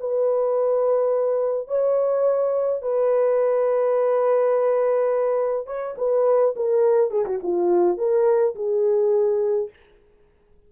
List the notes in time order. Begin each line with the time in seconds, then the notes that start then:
0.00 B4
1.68 C#5
2.82 B4
5.67 C#5
5.98 B4
6.56 A#4
7.11 G#4
7.26 F#4
7.43 F4
7.98 A#4
8.55 G#4